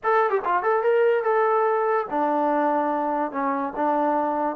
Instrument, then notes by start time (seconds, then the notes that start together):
trombone
0.03 A4
0.30 G4
0.44 F4
0.62 A4
0.83 A#4
1.23 A4
2.10 D4
3.31 C#4
3.76 D4